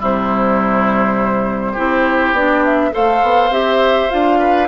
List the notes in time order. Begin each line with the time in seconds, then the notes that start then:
0.00 C3 G3 E4 C5
1.73 C4 E4 G4
2.33 B3 D4 D5
2.65 E5
2.92 A3 A4 C5 F5
3.23 B3
3.50 C4 G4 E5
4.10 D4 F4 F5
4.39 B4